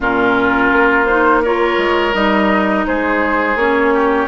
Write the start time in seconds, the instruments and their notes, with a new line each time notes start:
0.00 bassoon A#2, clarinet C#4, oboe F4, flute A#4
0.72 bassoon A#3
1.05 clarinet D#4, flute C5
1.42 clarinet F4, oboe A#4, flute C#5
1.77 bassoon G#3
2.13 bassoon G3, clarinet D#4, flute D#5
2.85 bassoon G#3, oboe G#4, flute C5
3.55 bassoon A#3, clarinet C#4, flute C#5
3.94 oboe G4